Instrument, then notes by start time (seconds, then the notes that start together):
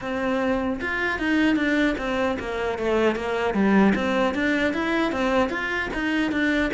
cello
0.01 C4
0.80 F4
1.18 D#4
1.56 D4
1.97 C4
2.39 A#3
2.78 A3
3.15 A#3
3.53 G3
3.95 C4
4.34 D4
4.73 E4
5.12 C4
5.49 F4
5.93 D#4
6.31 D4